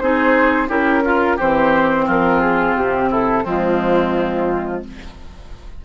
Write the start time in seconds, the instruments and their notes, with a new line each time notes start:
0.00 bassoon C4, clarinet D#4, oboe G#4, flute C5
0.68 bassoon C#4, clarinet E4, oboe G4, flute A#4
1.04 clarinet F4, oboe F4
1.36 bassoon E3, clarinet C4, oboe G4, flute C5
2.06 bassoon F3, oboe F4, flute A#4
2.40 flute G#4
2.75 bassoon C3, flute G4
3.10 oboe E4, flute A4
3.43 bassoon F3, clarinet G#3, oboe C4, flute F4